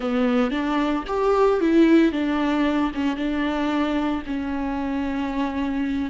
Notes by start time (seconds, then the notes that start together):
0.00 B3
0.50 D4
1.07 G4
1.60 E4
2.11 D4
2.94 C#4
3.16 D4
4.26 C#4